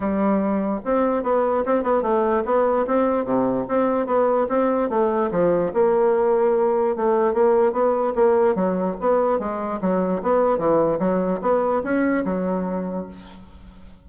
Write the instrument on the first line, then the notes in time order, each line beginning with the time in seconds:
bassoon
0.00 G3
0.84 C4
1.23 B3
1.65 C4
1.83 B3
2.02 A3
2.45 B3
2.86 C4
3.24 C3
3.68 C4
4.06 B3
4.48 C4
4.89 A3
5.31 F3
5.73 A#3
6.96 A3
7.33 A#3
7.72 B3
8.15 A#3
8.55 F#3
9.00 B3
9.39 G#3
9.81 F#3
10.22 B3
10.58 E3
10.99 F#3
11.41 B3
11.83 C#4
12.24 F#3